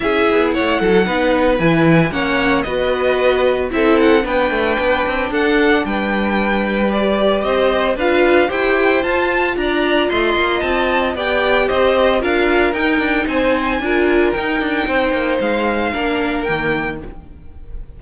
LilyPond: <<
  \new Staff \with { instrumentName = "violin" } { \time 4/4 \tempo 4 = 113 e''4 fis''2 gis''4 | fis''4 dis''2 e''8 fis''8 | g''2 fis''4 g''4~ | g''4 d''4 dis''4 f''4 |
g''4 a''4 ais''4 c'''4 | a''4 g''4 dis''4 f''4 | g''4 gis''2 g''4~ | g''4 f''2 g''4 | }
  \new Staff \with { instrumentName = "violin" } { \time 4/4 gis'4 cis''8 a'8 b'2 | cis''4 b'2 a'4 | b'2 a'4 b'4~ | b'2 c''4 b'4 |
c''2 d''4 dis''4~ | dis''4 d''4 c''4 ais'4~ | ais'4 c''4 ais'2 | c''2 ais'2 | }
  \new Staff \with { instrumentName = "viola" } { \time 4/4 e'2 dis'4 e'4 | cis'4 fis'2 e'4 | d'1~ | d'4 g'2 f'4 |
g'4 f'2.~ | f'4 g'2 f'4 | dis'2 f'4 dis'4~ | dis'2 d'4 ais4 | }
  \new Staff \with { instrumentName = "cello" } { \time 4/4 cis'8 b8 a8 fis8 b4 e4 | ais4 b2 c'4 | b8 a8 b8 c'8 d'4 g4~ | g2 c'4 d'4 |
e'4 f'4 d'4 a8 ais8 | c'4 b4 c'4 d'4 | dis'8 d'8 c'4 d'4 dis'8 d'8 | c'8 ais8 gis4 ais4 dis4 | }
>>